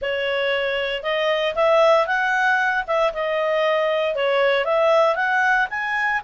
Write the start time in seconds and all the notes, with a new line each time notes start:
0.01 C#5
1.03 D#5
1.55 E5
2.06 F#5
2.87 E5
3.13 D#5
4.15 C#5
4.64 E5
5.15 F#5
5.69 G#5